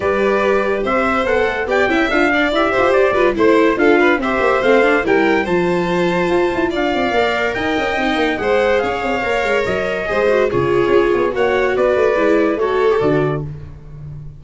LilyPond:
<<
  \new Staff \with { instrumentName = "trumpet" } { \time 4/4 \tempo 4 = 143 d''2 e''4 fis''4 | g''4 f''4 e''4 d''4 | c''4 f''4 e''4 f''4 | g''4 a''2. |
f''2 g''2 | fis''4 f''2 dis''4~ | dis''4 cis''2 fis''4 | d''2 cis''4 d''4 | }
  \new Staff \with { instrumentName = "violin" } { \time 4/4 b'2 c''2 | d''8 e''4 d''4 c''4 b'8 | c''4 a'8 b'8 c''2 | ais'4 c''2. |
d''2 dis''2 | c''4 cis''2. | c''4 gis'2 cis''4 | b'2 a'2 | }
  \new Staff \with { instrumentName = "viola" } { \time 4/4 g'2. a'4 | g'8 e'8 f'8 d'8 g'4. f'8 | e'4 f'4 g'4 c'8 d'8 | e'4 f'2.~ |
f'4 ais'2 dis'4 | gis'2 ais'2 | gis'8 fis'8 f'2 fis'4~ | fis'4 e'4 fis'8. g'16 fis'4 | }
  \new Staff \with { instrumentName = "tuba" } { \time 4/4 g2 c'4 b8 a8 | b8 cis'8 d'4 e'8 f'8 g'8 g8 | a4 d'4 c'8 ais8 a4 | g4 f2 f'8 e'8 |
d'8 c'8 ais4 dis'8 cis'8 c'8 ais8 | gis4 cis'8 c'8 ais8 gis8 fis4 | gis4 cis4 cis'8 b8 ais4 | b8 a8 gis4 a4 d4 | }
>>